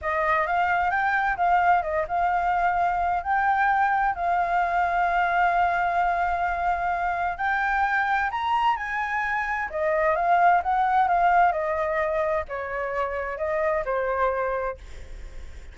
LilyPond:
\new Staff \with { instrumentName = "flute" } { \time 4/4 \tempo 4 = 130 dis''4 f''4 g''4 f''4 | dis''8 f''2~ f''8 g''4~ | g''4 f''2.~ | f''1 |
g''2 ais''4 gis''4~ | gis''4 dis''4 f''4 fis''4 | f''4 dis''2 cis''4~ | cis''4 dis''4 c''2 | }